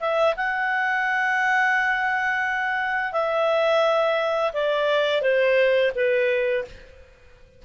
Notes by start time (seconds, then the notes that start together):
0.00 E5
0.36 F#5
3.12 E5
4.53 D5
5.22 C5
5.95 B4